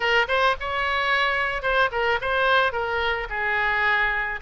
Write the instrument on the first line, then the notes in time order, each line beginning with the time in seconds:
oboe
0.00 A#4
0.28 C5
0.60 C#5
1.62 C5
1.91 A#4
2.21 C5
2.72 A#4
3.29 G#4